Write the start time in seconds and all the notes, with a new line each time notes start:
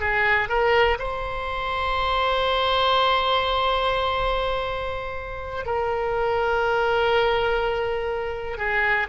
0.00 G#4
0.49 A#4
0.99 C5
5.66 A#4
8.58 G#4